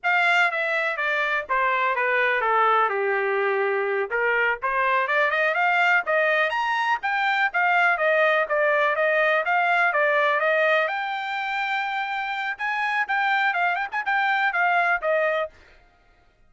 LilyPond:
\new Staff \with { instrumentName = "trumpet" } { \time 4/4 \tempo 4 = 124 f''4 e''4 d''4 c''4 | b'4 a'4 g'2~ | g'8 ais'4 c''4 d''8 dis''8 f''8~ | f''8 dis''4 ais''4 g''4 f''8~ |
f''8 dis''4 d''4 dis''4 f''8~ | f''8 d''4 dis''4 g''4.~ | g''2 gis''4 g''4 | f''8 g''16 gis''16 g''4 f''4 dis''4 | }